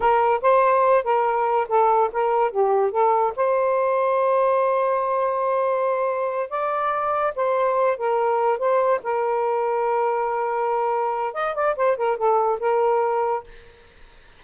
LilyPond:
\new Staff \with { instrumentName = "saxophone" } { \time 4/4 \tempo 4 = 143 ais'4 c''4. ais'4. | a'4 ais'4 g'4 a'4 | c''1~ | c''2.~ c''8 d''8~ |
d''4. c''4. ais'4~ | ais'8 c''4 ais'2~ ais'8~ | ais'2. dis''8 d''8 | c''8 ais'8 a'4 ais'2 | }